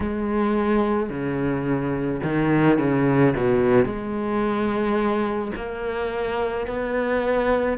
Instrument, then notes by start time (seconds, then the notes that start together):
cello
0.00 G#3
1.09 C#3
2.23 D#3
2.78 C#3
3.36 B2
3.85 G#3
5.56 A#3
6.67 B3